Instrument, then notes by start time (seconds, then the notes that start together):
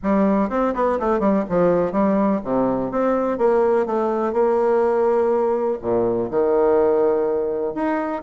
bassoon
0.02 G3
0.49 C4
0.74 B3
0.99 A3
1.19 G3
1.49 F3
1.92 G3
2.43 C3
2.91 C4
3.38 A#3
3.86 A3
4.32 A#3
5.81 A#2
6.30 D#3
7.74 D#4